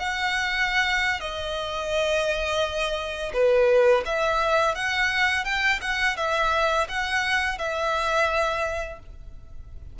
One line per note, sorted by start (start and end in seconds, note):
0.00 1.21 F#5
1.21 3.32 D#5
3.34 4.05 B4
4.06 4.76 E5
4.76 5.45 F#5
5.45 5.80 G5
5.82 6.17 F#5
6.17 6.88 E5
6.89 7.59 F#5
7.59 9.00 E5